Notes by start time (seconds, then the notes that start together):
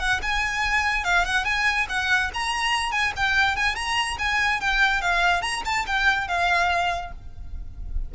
0.00 F#5
0.23 G#5
1.05 F5
1.25 F#5
1.45 G#5
1.89 F#5
2.34 A#5
2.92 G#5
3.17 G5
3.57 G#5
3.76 A#5
4.19 G#5
4.61 G5
5.02 F5
5.42 A#5
5.65 A5
5.87 G5
6.28 F5